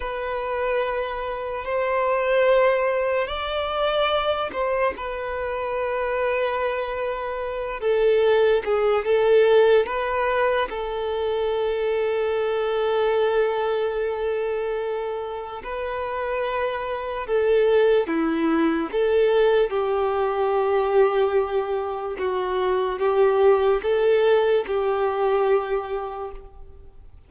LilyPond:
\new Staff \with { instrumentName = "violin" } { \time 4/4 \tempo 4 = 73 b'2 c''2 | d''4. c''8 b'2~ | b'4. a'4 gis'8 a'4 | b'4 a'2.~ |
a'2. b'4~ | b'4 a'4 e'4 a'4 | g'2. fis'4 | g'4 a'4 g'2 | }